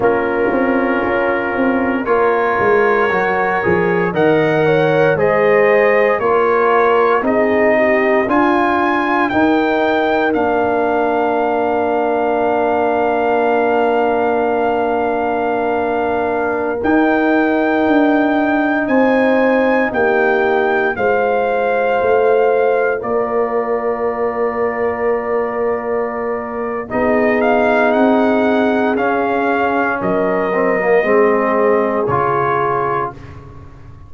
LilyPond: <<
  \new Staff \with { instrumentName = "trumpet" } { \time 4/4 \tempo 4 = 58 ais'2 cis''2 | fis''4 dis''4 cis''4 dis''4 | gis''4 g''4 f''2~ | f''1~ |
f''16 g''2 gis''4 g''8.~ | g''16 f''2 d''4.~ d''16~ | d''2 dis''8 f''8 fis''4 | f''4 dis''2 cis''4 | }
  \new Staff \with { instrumentName = "horn" } { \time 4/4 f'2 ais'2 | dis''8 cis''8 c''4 ais'4 gis'8 g'8 | f'4 ais'2.~ | ais'1~ |
ais'2~ ais'16 c''4 g'8.~ | g'16 c''2 ais'4.~ ais'16~ | ais'2 gis'2~ | gis'4 ais'4 gis'2 | }
  \new Staff \with { instrumentName = "trombone" } { \time 4/4 cis'2 f'4 fis'8 gis'8 | ais'4 gis'4 f'4 dis'4 | f'4 dis'4 d'2~ | d'1~ |
d'16 dis'2.~ dis'8.~ | dis'16 f'2.~ f'8.~ | f'2 dis'2 | cis'4. c'16 ais16 c'4 f'4 | }
  \new Staff \with { instrumentName = "tuba" } { \time 4/4 ais8 c'8 cis'8 c'8 ais8 gis8 fis8 f8 | dis4 gis4 ais4 c'4 | d'4 dis'4 ais2~ | ais1~ |
ais16 dis'4 d'4 c'4 ais8.~ | ais16 gis4 a4 ais4.~ ais16~ | ais2 b4 c'4 | cis'4 fis4 gis4 cis4 | }
>>